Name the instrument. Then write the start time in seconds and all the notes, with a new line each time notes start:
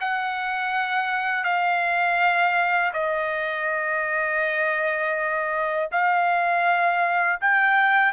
trumpet
0.00 F#5
1.44 F5
2.93 D#5
5.91 F5
7.41 G5